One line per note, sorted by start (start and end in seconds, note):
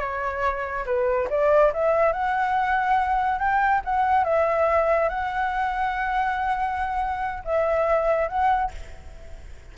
0.00 0.85 C#5
0.86 1.28 B4
1.30 1.72 D5
1.73 2.13 E5
2.13 3.39 F#5
3.39 3.81 G5
3.85 4.24 F#5
4.24 5.09 E5
5.09 7.43 F#5
7.45 8.28 E5
8.28 8.71 F#5